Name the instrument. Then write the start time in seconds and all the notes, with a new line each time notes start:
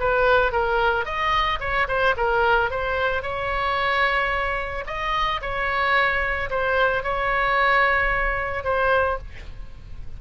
oboe
0.00 B4
0.52 A#4
1.06 D#5
1.61 C#5
1.88 C5
2.17 A#4
2.71 C5
3.23 C#5
4.87 D#5
5.42 C#5
6.51 C5
7.04 C#5
8.65 C5